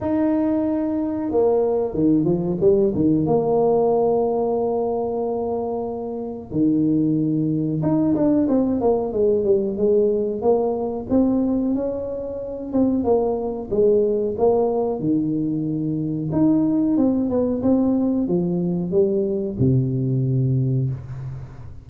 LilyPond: \new Staff \with { instrumentName = "tuba" } { \time 4/4 \tempo 4 = 92 dis'2 ais4 dis8 f8 | g8 dis8 ais2.~ | ais2 dis2 | dis'8 d'8 c'8 ais8 gis8 g8 gis4 |
ais4 c'4 cis'4. c'8 | ais4 gis4 ais4 dis4~ | dis4 dis'4 c'8 b8 c'4 | f4 g4 c2 | }